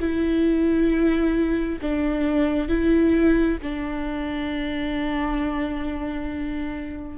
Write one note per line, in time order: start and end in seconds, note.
0.00 1.79 E4
1.82 2.69 D4
2.69 3.58 E4
3.62 7.18 D4